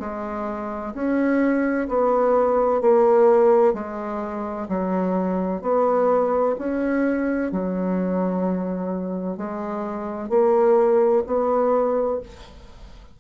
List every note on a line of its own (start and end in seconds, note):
0.00 0.94 G#3
0.94 1.88 C#4
1.89 2.81 B3
2.81 3.74 A#3
3.74 4.68 G#3
4.69 5.62 F#3
5.62 6.56 B3
6.59 7.52 C#4
7.52 9.37 F#3
9.37 10.30 G#3
10.30 11.23 A#3
11.27 12.20 B3